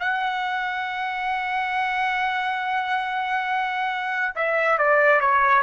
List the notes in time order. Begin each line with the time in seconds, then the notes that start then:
0.00 F#5
4.35 E5
4.78 D5
5.21 C#5